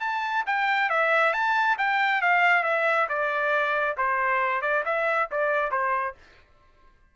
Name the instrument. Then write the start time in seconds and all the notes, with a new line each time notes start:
trumpet
0.00 A5
0.46 G5
0.90 E5
1.33 A5
1.78 G5
2.22 F5
2.63 E5
3.09 D5
3.97 C5
4.62 D5
4.85 E5
5.31 D5
5.71 C5